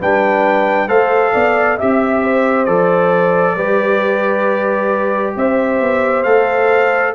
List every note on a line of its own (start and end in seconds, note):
0.00 0.88 G3
0.00 0.89 D4
0.00 0.88 B4
0.00 0.89 G5
0.88 1.33 A3
0.88 1.78 A4
0.88 1.32 C5
0.88 1.78 F5
1.34 1.80 B3
1.34 1.77 D5
1.77 2.68 C4
1.77 2.67 G4
1.77 2.22 E5
1.77 2.65 E5
2.24 3.56 C5
2.65 3.56 F3
2.65 3.57 A4
2.65 5.34 D5
3.56 5.35 G3
3.56 6.26 G4
3.56 5.35 B4
5.37 5.80 C4
5.37 7.15 C5
5.37 6.24 E5
5.80 6.25 B3
6.24 7.15 A3
6.24 7.15 A4
6.24 7.13 F5